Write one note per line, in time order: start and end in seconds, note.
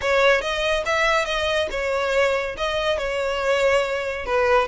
0.01 0.41 C#5
0.41 0.83 D#5
0.85 1.25 E5
1.25 1.68 D#5
1.70 2.56 C#5
2.57 2.97 D#5
2.97 4.25 C#5
4.25 4.68 B4